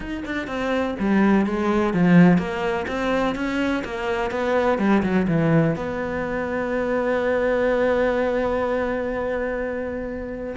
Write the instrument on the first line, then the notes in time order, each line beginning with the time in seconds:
cello
0.00 D#4
0.25 D4
0.47 C4
0.99 G3
1.46 G#3
1.93 F3
2.38 A#3
2.87 C4
3.35 C#4
3.84 A#3
4.30 B3
4.78 G3
5.02 F#3
5.27 E3
5.75 B3